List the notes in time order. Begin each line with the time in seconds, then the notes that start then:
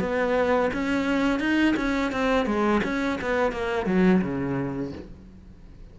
0.00 B3
0.73 C#4
1.40 D#4
1.76 C#4
2.12 C4
2.46 G#3
2.84 C#4
3.21 B3
3.52 A#3
3.86 F#3
4.22 C#3